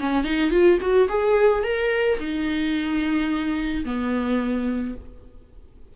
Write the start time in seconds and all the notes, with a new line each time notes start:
0.00 C#4
0.24 D#4
0.51 F4
0.81 F#4
1.09 G#4
1.63 A#4
2.19 D#4
3.85 B3